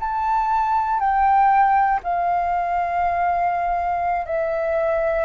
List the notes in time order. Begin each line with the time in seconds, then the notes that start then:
0.00 A5
1.00 G5
2.04 F5
4.26 E5